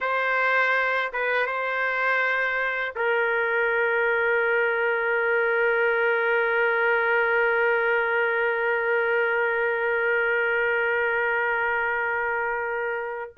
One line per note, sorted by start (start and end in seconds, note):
0.00 1.11 C5
1.12 1.46 B4
1.46 2.94 C5
2.95 13.32 A#4